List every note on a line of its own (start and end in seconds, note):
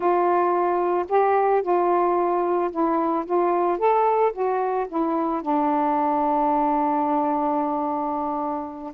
0.00 1.05 F4
1.08 1.62 G4
1.62 2.70 F4
2.71 3.25 E4
3.25 3.78 F4
3.78 4.32 A4
4.32 4.86 F#4
4.88 5.42 E4
5.42 8.93 D4